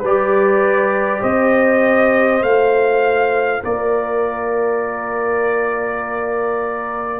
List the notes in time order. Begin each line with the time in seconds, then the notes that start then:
0.00 G3 B4 D5
0.06 G4
1.20 C4 C5 D#5
2.41 A3 F4 F5
3.62 A#3 A#4 D5